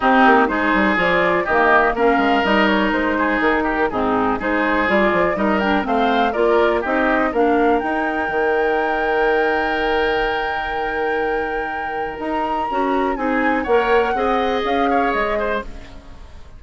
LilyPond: <<
  \new Staff \with { instrumentName = "flute" } { \time 4/4 \tempo 4 = 123 g'4 c''4 d''4 dis''4 | f''4 dis''8 cis''8 c''4 ais'4 | gis'4 c''4 d''4 dis''8 g''8 | f''4 d''4 dis''4 f''4 |
g''1~ | g''1~ | g''4 ais''2 gis''4 | fis''2 f''4 dis''4 | }
  \new Staff \with { instrumentName = "oboe" } { \time 4/4 dis'4 gis'2 g'4 | ais'2~ ais'8 gis'4 g'8 | dis'4 gis'2 ais'4 | c''4 ais'4 g'4 ais'4~ |
ais'1~ | ais'1~ | ais'2. gis'4 | cis''4 dis''4. cis''4 c''8 | }
  \new Staff \with { instrumentName = "clarinet" } { \time 4/4 c'4 dis'4 f'4 ais4 | cis'4 dis'2. | c'4 dis'4 f'4 dis'8 d'8 | c'4 f'4 dis'4 d'4 |
dis'1~ | dis'1~ | dis'2 fis'4 dis'4 | ais'4 gis'2. | }
  \new Staff \with { instrumentName = "bassoon" } { \time 4/4 c'8 ais8 gis8 g8 f4 dis4 | ais8 gis8 g4 gis4 dis4 | gis,4 gis4 g8 f8 g4 | a4 ais4 c'4 ais4 |
dis'4 dis2.~ | dis1~ | dis4 dis'4 cis'4 c'4 | ais4 c'4 cis'4 gis4 | }
>>